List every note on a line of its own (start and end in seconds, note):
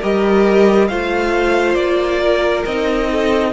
0.00 0.90 G3
0.00 0.90 G4
0.00 0.88 A#4
0.00 0.88 D#5
0.88 1.75 A3
0.88 2.67 F4
0.88 2.21 C5
0.88 1.75 F5
1.75 2.64 A#3
1.75 2.63 D5
2.21 3.09 A#4
2.65 3.53 C4
2.65 3.53 D#4
2.65 3.53 D#5
3.12 3.53 A4